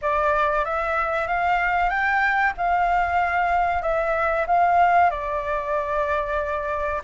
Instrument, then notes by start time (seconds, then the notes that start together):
flute
0.01 D5
0.64 E5
1.27 F5
1.89 G5
2.57 F5
3.82 E5
4.47 F5
5.10 D5